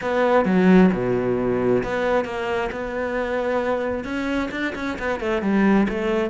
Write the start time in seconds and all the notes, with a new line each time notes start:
0.01 B3
0.45 F#3
0.93 B2
1.83 B3
2.24 A#3
2.71 B3
4.04 C#4
4.51 D4
4.75 C#4
4.98 B3
5.19 A3
5.42 G3
5.88 A3